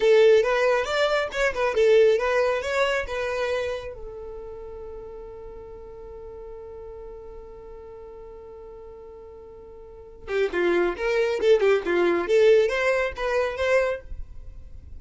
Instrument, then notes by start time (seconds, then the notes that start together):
violin
0.00 A4
0.43 B4
0.84 D5
1.31 C#5
1.53 B4
1.74 A4
2.18 B4
2.62 C#5
3.07 B4
3.94 A4
10.27 G4
10.52 F4
10.96 A#4
11.40 A4
11.60 G4
11.85 F4
12.27 A4
12.68 C5
13.16 B4
13.56 C5